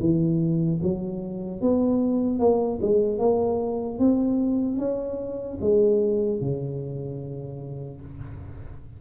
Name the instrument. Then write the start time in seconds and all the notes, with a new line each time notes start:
tuba
0.00 E3
0.83 F#3
1.61 B3
2.39 A#3
2.82 G#3
3.19 A#3
3.99 C4
4.79 C#4
5.61 G#3
6.41 C#3